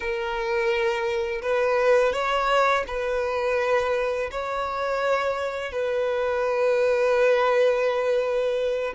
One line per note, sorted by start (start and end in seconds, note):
0.00 1.41 A#4
1.42 2.12 B4
2.12 2.84 C#5
2.87 4.30 B4
4.31 5.71 C#5
5.71 8.93 B4